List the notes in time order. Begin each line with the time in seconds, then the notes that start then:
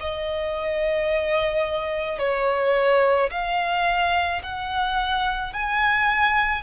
0.00 D#5
2.19 C#5
3.31 F5
4.43 F#5
5.53 G#5